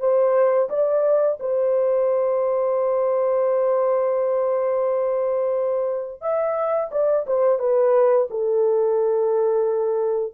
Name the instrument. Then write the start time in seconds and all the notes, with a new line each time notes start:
horn
0.00 C5
0.70 D5
1.40 C5
6.21 E5
6.91 D5
7.27 C5
7.59 B4
8.30 A4